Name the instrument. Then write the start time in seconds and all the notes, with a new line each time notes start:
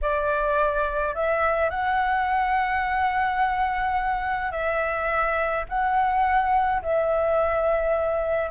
flute
0.01 D5
1.14 E5
1.70 F#5
4.51 E5
5.68 F#5
6.82 E5